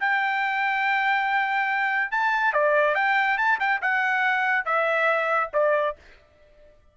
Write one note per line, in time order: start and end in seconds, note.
0.00 2.11 G5
2.11 2.53 A5
2.53 2.95 D5
2.95 3.38 G5
3.38 3.59 A5
3.60 3.81 G5
3.81 4.65 F#5
4.65 5.50 E5
5.53 5.96 D5